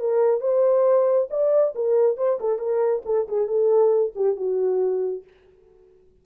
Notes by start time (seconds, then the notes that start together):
0.00 A#4
0.41 C5
1.31 D5
1.75 A#4
2.17 C5
2.40 A4
2.59 A#4
3.06 A4
3.28 G#4
3.48 A4
4.16 G4
4.37 F#4